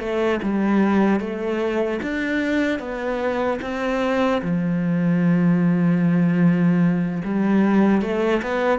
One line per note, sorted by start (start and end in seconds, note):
0.00 0.40 A3
0.43 1.21 G3
1.21 2.01 A3
2.03 2.80 D4
2.80 3.60 B3
3.62 4.42 C4
4.43 7.23 F3
7.25 8.02 G3
8.02 8.42 A3
8.43 8.80 B3